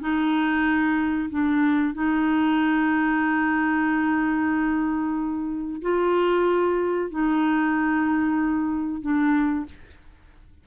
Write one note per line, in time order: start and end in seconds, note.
0.00 1.29 D#4
1.29 1.94 D4
1.94 5.81 D#4
5.82 7.11 F4
7.11 9.01 D#4
9.01 9.65 D4